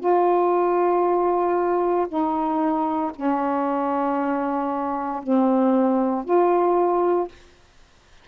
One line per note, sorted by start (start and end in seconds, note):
0.00 2.07 F4
2.08 3.12 D#4
3.16 5.22 C#4
5.23 6.24 C4
6.24 7.28 F4